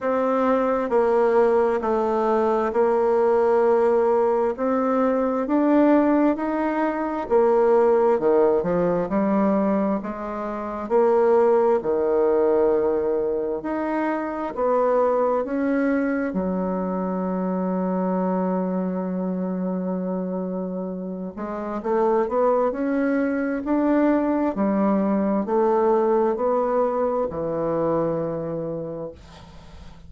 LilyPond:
\new Staff \with { instrumentName = "bassoon" } { \time 4/4 \tempo 4 = 66 c'4 ais4 a4 ais4~ | ais4 c'4 d'4 dis'4 | ais4 dis8 f8 g4 gis4 | ais4 dis2 dis'4 |
b4 cis'4 fis2~ | fis2.~ fis8 gis8 | a8 b8 cis'4 d'4 g4 | a4 b4 e2 | }